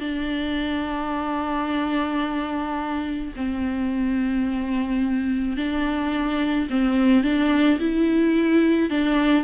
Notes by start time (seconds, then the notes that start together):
0.00 D4
3.36 C4
5.57 D4
6.70 C4
7.24 D4
7.79 E4
8.90 D4